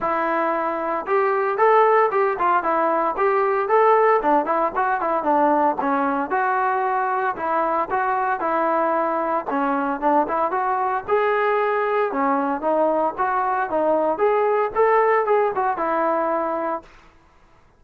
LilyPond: \new Staff \with { instrumentName = "trombone" } { \time 4/4 \tempo 4 = 114 e'2 g'4 a'4 | g'8 f'8 e'4 g'4 a'4 | d'8 e'8 fis'8 e'8 d'4 cis'4 | fis'2 e'4 fis'4 |
e'2 cis'4 d'8 e'8 | fis'4 gis'2 cis'4 | dis'4 fis'4 dis'4 gis'4 | a'4 gis'8 fis'8 e'2 | }